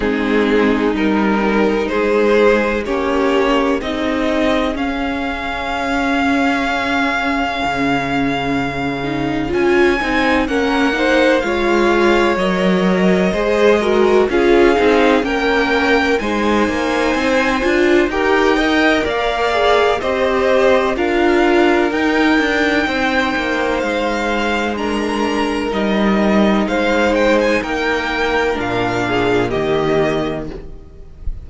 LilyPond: <<
  \new Staff \with { instrumentName = "violin" } { \time 4/4 \tempo 4 = 63 gis'4 ais'4 c''4 cis''4 | dis''4 f''2.~ | f''2 gis''4 fis''4 | f''4 dis''2 f''4 |
g''4 gis''2 g''4 | f''4 dis''4 f''4 g''4~ | g''4 f''4 ais''4 dis''4 | f''8 g''16 gis''16 g''4 f''4 dis''4 | }
  \new Staff \with { instrumentName = "violin" } { \time 4/4 dis'2 gis'4 g'4 | gis'1~ | gis'2. ais'8 c''8 | cis''2 c''8 ais'8 gis'4 |
ais'4 c''2 ais'8 dis''8 | d''4 c''4 ais'2 | c''2 ais'2 | c''4 ais'4. gis'8 g'4 | }
  \new Staff \with { instrumentName = "viola" } { \time 4/4 c'4 dis'2 cis'4 | dis'4 cis'2.~ | cis'4. dis'8 f'8 dis'8 cis'8 dis'8 | f'4 ais'4 gis'8 fis'8 f'8 dis'8 |
cis'4 dis'4. f'8 g'8 ais'8~ | ais'8 gis'8 g'4 f'4 dis'4~ | dis'2 d'4 dis'4~ | dis'2 d'4 ais4 | }
  \new Staff \with { instrumentName = "cello" } { \time 4/4 gis4 g4 gis4 ais4 | c'4 cis'2. | cis2 cis'8 c'8 ais4 | gis4 fis4 gis4 cis'8 c'8 |
ais4 gis8 ais8 c'8 d'8 dis'4 | ais4 c'4 d'4 dis'8 d'8 | c'8 ais8 gis2 g4 | gis4 ais4 ais,4 dis4 | }
>>